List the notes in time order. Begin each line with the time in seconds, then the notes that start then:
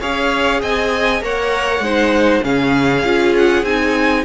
0.00 C#4 G#4 C#5 F5
0.61 C4 D#5 G#5
1.21 A#3 A#4 C#5 F#5
1.79 G#3 D#4 C5
2.43 C#3 C#4 G#4 F5
3.03 C#4 F4
3.36 F#5
3.63 C4 D#4 G#5